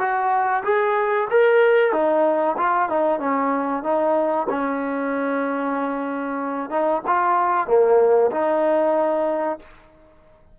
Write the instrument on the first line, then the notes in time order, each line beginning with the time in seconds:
trombone
0.00 F#4
0.65 G#4
1.31 A#4
1.93 D#4
2.58 F4
2.90 D#4
3.20 C#4
3.84 D#4
4.50 C#4
6.71 D#4
7.07 F4
7.68 A#3
8.32 D#4